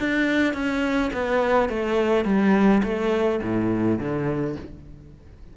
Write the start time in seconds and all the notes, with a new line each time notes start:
0.00 D4
0.54 C#4
1.14 B3
1.70 A3
2.25 G3
2.84 A3
3.43 A2
3.99 D3